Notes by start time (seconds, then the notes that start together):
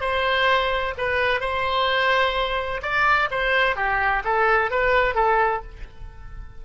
0.00 C5
0.97 B4
1.40 C5
2.82 D5
3.31 C5
3.76 G4
4.24 A4
4.70 B4
5.15 A4